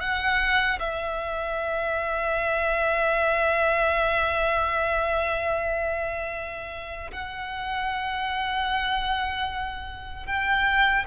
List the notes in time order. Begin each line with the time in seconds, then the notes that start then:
0.00 F#5
0.79 E5
7.11 F#5
10.26 G5